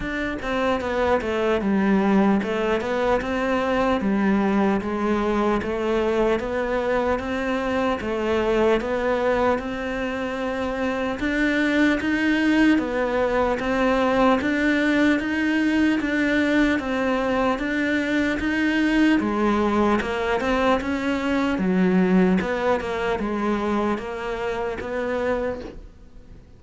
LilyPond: \new Staff \with { instrumentName = "cello" } { \time 4/4 \tempo 4 = 75 d'8 c'8 b8 a8 g4 a8 b8 | c'4 g4 gis4 a4 | b4 c'4 a4 b4 | c'2 d'4 dis'4 |
b4 c'4 d'4 dis'4 | d'4 c'4 d'4 dis'4 | gis4 ais8 c'8 cis'4 fis4 | b8 ais8 gis4 ais4 b4 | }